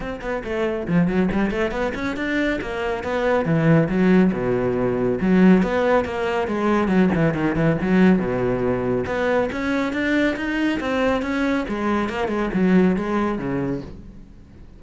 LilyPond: \new Staff \with { instrumentName = "cello" } { \time 4/4 \tempo 4 = 139 c'8 b8 a4 f8 fis8 g8 a8 | b8 cis'8 d'4 ais4 b4 | e4 fis4 b,2 | fis4 b4 ais4 gis4 |
fis8 e8 dis8 e8 fis4 b,4~ | b,4 b4 cis'4 d'4 | dis'4 c'4 cis'4 gis4 | ais8 gis8 fis4 gis4 cis4 | }